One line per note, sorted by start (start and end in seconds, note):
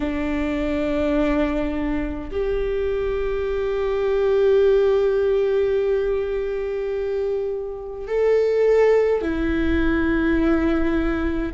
0.00 2.30 D4
2.31 8.07 G4
8.07 9.21 A4
9.21 11.52 E4